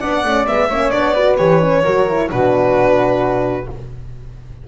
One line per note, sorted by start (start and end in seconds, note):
0.00 0.24 B3
0.00 0.25 D4
0.00 0.68 D5
0.00 0.46 F#5
0.24 0.46 A3
0.24 0.47 C#4
0.47 0.69 G#3
0.47 0.70 B3
0.47 0.91 E5
0.69 0.92 A#3
0.69 0.92 C#4
0.69 1.14 C#5
0.91 1.38 B3
0.91 1.15 D4
0.91 1.36 D5
1.14 1.38 F#4
1.14 1.82 B4
1.37 1.85 E3
1.37 1.61 G4
1.37 2.28 C#5
1.61 1.84 C#4
1.83 2.30 F#3
1.83 2.08 F#4
1.83 2.29 A#4
2.08 2.30 E4
2.30 3.68 B2
2.30 3.66 D4
2.30 3.68 F#4
2.30 3.67 B4